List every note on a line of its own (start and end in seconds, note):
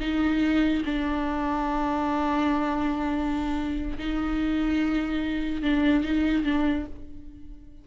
0.00 0.83 D#4
0.85 3.98 D4
3.98 5.62 D#4
5.62 6.04 D4
6.04 6.44 D#4
6.44 6.85 D4